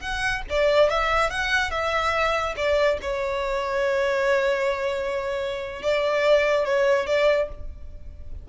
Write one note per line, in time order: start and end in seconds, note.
0.00 0.42 F#5
0.49 0.89 D5
0.89 1.30 E5
1.30 1.71 F#5
1.71 2.55 E5
2.56 2.98 D5
3.01 5.82 C#5
5.82 6.65 D5
6.65 7.06 C#5
7.06 7.48 D5